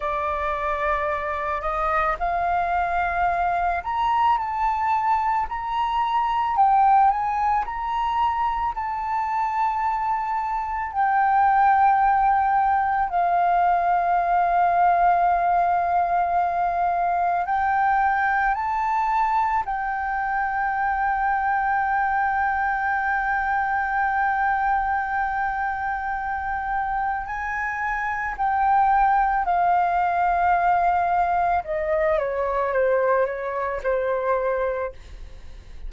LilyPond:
\new Staff \with { instrumentName = "flute" } { \time 4/4 \tempo 4 = 55 d''4. dis''8 f''4. ais''8 | a''4 ais''4 g''8 gis''8 ais''4 | a''2 g''2 | f''1 |
g''4 a''4 g''2~ | g''1~ | g''4 gis''4 g''4 f''4~ | f''4 dis''8 cis''8 c''8 cis''8 c''4 | }